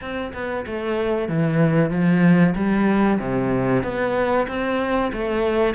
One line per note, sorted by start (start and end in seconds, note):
0.01 0.32 C4
0.33 0.65 B3
0.66 1.28 A3
1.28 1.90 E3
1.90 2.54 F3
2.55 3.19 G3
3.19 3.83 C3
3.83 4.47 B3
4.47 5.11 C4
5.12 5.74 A3